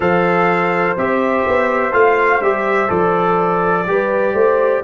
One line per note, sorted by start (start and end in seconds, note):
0.00 0.96 F3
0.00 0.97 A4
0.00 3.85 C5
0.00 0.97 F5
0.97 1.45 C4
0.97 1.92 G4
0.97 1.93 E5
1.47 1.93 B3
1.92 2.41 A3
1.92 2.41 F4
1.92 2.41 F5
2.41 2.89 G3
2.41 2.88 G4
2.41 2.90 E5
2.88 3.86 F3
2.88 3.84 A4
2.88 4.83 D5
3.86 4.33 G3
3.86 4.84 G4
3.86 4.34 B4
4.33 4.81 A3
4.33 4.82 C5